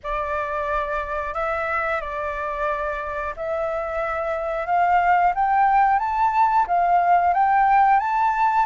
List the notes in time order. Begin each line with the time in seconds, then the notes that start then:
0.03 D5
1.34 E5
2.01 D5
3.36 E5
4.66 F5
5.34 G5
5.99 A5
6.67 F5
7.33 G5
7.99 A5